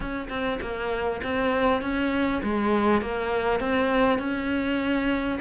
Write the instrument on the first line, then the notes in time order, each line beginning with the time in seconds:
cello
0.00 C#4
0.29 C4
0.61 A#3
1.23 C4
1.81 C#4
2.43 G#3
3.01 A#3
3.60 C4
4.18 C#4